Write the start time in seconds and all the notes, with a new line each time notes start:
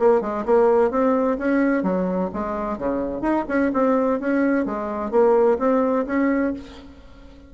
0.00 A#3
0.22 G#3
0.46 A#3
0.91 C4
1.39 C#4
1.84 F#3
2.34 G#3
2.78 C#3
3.22 D#4
3.49 C#4
3.74 C4
4.20 C#4
4.66 G#3
5.12 A#3
5.59 C4
6.07 C#4